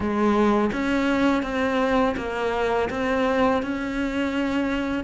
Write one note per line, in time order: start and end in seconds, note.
0.00 0.70 G#3
0.72 1.43 C#4
1.43 2.15 C4
2.17 2.89 A#3
2.90 3.62 C4
3.62 5.04 C#4